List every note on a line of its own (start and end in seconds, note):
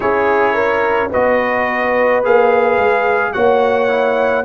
0.00 1.13 C#4
0.00 1.10 E4
0.00 0.54 G#4
0.00 1.10 C#5
0.54 1.09 A#4
1.10 2.24 B3
1.10 2.23 F#4
1.10 3.32 B4
1.10 2.23 D#5
2.23 2.78 A#3
2.23 3.33 G#4
2.23 3.32 F5
2.78 3.33 G#3
3.32 4.44 A#3
3.32 3.88 F#4
3.32 4.44 C#5
3.32 4.44 F#5
3.88 4.44 E4